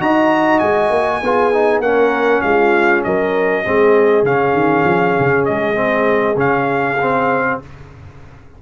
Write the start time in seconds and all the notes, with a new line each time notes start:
0.00 D#4 F#4 D#5 A#5
0.59 G#3 G#5
0.90 A#3
1.22 B3 F4 G#4
1.53 D#4
1.79 A#3 C#4 A#4 F#5
2.41 G#3 F4 F5
3.04 F#3 A#4 D#5
3.64 G#3 C4 G#4
4.23 C#3 C#4 F5
4.53 D#3
4.84 F3
5.19 C#3
5.45 G#3 D#5
5.75 C4
6.36 C#3 C#4 F5
7.02 C4